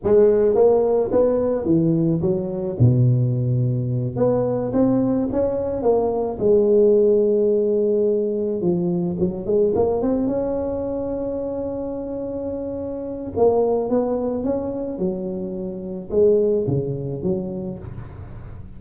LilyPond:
\new Staff \with { instrumentName = "tuba" } { \time 4/4 \tempo 4 = 108 gis4 ais4 b4 e4 | fis4 b,2~ b,8 b8~ | b8 c'4 cis'4 ais4 gis8~ | gis2.~ gis8 f8~ |
f8 fis8 gis8 ais8 c'8 cis'4.~ | cis'1 | ais4 b4 cis'4 fis4~ | fis4 gis4 cis4 fis4 | }